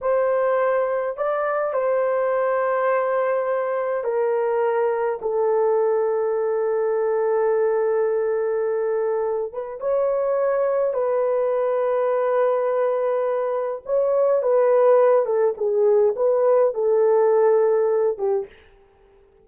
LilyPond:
\new Staff \with { instrumentName = "horn" } { \time 4/4 \tempo 4 = 104 c''2 d''4 c''4~ | c''2. ais'4~ | ais'4 a'2.~ | a'1~ |
a'8 b'8 cis''2 b'4~ | b'1 | cis''4 b'4. a'8 gis'4 | b'4 a'2~ a'8 g'8 | }